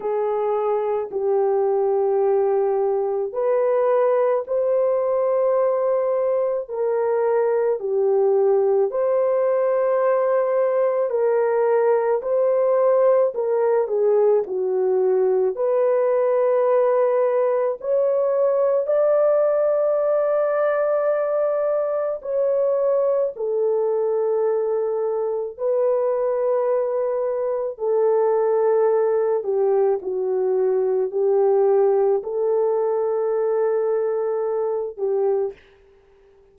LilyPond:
\new Staff \with { instrumentName = "horn" } { \time 4/4 \tempo 4 = 54 gis'4 g'2 b'4 | c''2 ais'4 g'4 | c''2 ais'4 c''4 | ais'8 gis'8 fis'4 b'2 |
cis''4 d''2. | cis''4 a'2 b'4~ | b'4 a'4. g'8 fis'4 | g'4 a'2~ a'8 g'8 | }